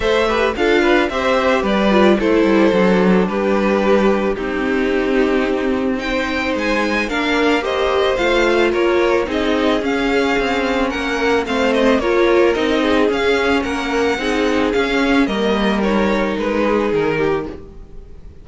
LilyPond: <<
  \new Staff \with { instrumentName = "violin" } { \time 4/4 \tempo 4 = 110 e''4 f''4 e''4 d''4 | c''2 b'2 | g'2. g''4 | gis''4 f''4 dis''4 f''4 |
cis''4 dis''4 f''2 | fis''4 f''8 dis''8 cis''4 dis''4 | f''4 fis''2 f''4 | dis''4 cis''4 b'4 ais'4 | }
  \new Staff \with { instrumentName = "violin" } { \time 4/4 c''8 b'8 a'8 b'8 c''4 b'4 | a'2 g'2 | dis'2. c''4~ | c''4 ais'4 c''2 |
ais'4 gis'2. | ais'4 c''4 ais'4. gis'8~ | gis'4 ais'4 gis'2 | ais'2~ ais'8 gis'4 g'8 | }
  \new Staff \with { instrumentName = "viola" } { \time 4/4 a'8 g'8 f'4 g'4. f'8 | e'4 d'2. | c'2. dis'4~ | dis'4 d'4 g'4 f'4~ |
f'4 dis'4 cis'2~ | cis'4 c'4 f'4 dis'4 | cis'2 dis'4 cis'4 | ais4 dis'2. | }
  \new Staff \with { instrumentName = "cello" } { \time 4/4 a4 d'4 c'4 g4 | a8 g8 fis4 g2 | c'1 | gis4 ais2 a4 |
ais4 c'4 cis'4 c'4 | ais4 a4 ais4 c'4 | cis'4 ais4 c'4 cis'4 | g2 gis4 dis4 | }
>>